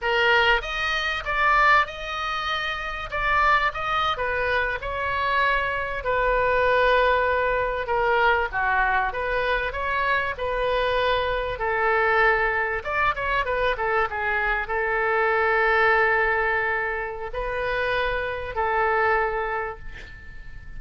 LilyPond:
\new Staff \with { instrumentName = "oboe" } { \time 4/4 \tempo 4 = 97 ais'4 dis''4 d''4 dis''4~ | dis''4 d''4 dis''8. b'4 cis''16~ | cis''4.~ cis''16 b'2~ b'16~ | b'8. ais'4 fis'4 b'4 cis''16~ |
cis''8. b'2 a'4~ a'16~ | a'8. d''8 cis''8 b'8 a'8 gis'4 a'16~ | a'1 | b'2 a'2 | }